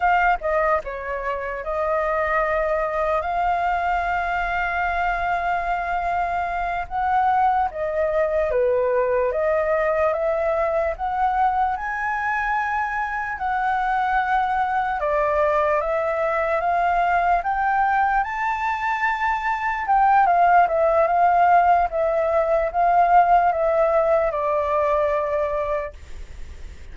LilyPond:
\new Staff \with { instrumentName = "flute" } { \time 4/4 \tempo 4 = 74 f''8 dis''8 cis''4 dis''2 | f''1~ | f''8 fis''4 dis''4 b'4 dis''8~ | dis''8 e''4 fis''4 gis''4.~ |
gis''8 fis''2 d''4 e''8~ | e''8 f''4 g''4 a''4.~ | a''8 g''8 f''8 e''8 f''4 e''4 | f''4 e''4 d''2 | }